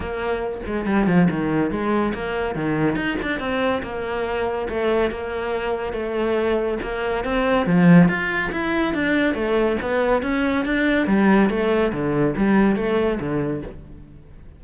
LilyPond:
\new Staff \with { instrumentName = "cello" } { \time 4/4 \tempo 4 = 141 ais4. gis8 g8 f8 dis4 | gis4 ais4 dis4 dis'8 d'8 | c'4 ais2 a4 | ais2 a2 |
ais4 c'4 f4 f'4 | e'4 d'4 a4 b4 | cis'4 d'4 g4 a4 | d4 g4 a4 d4 | }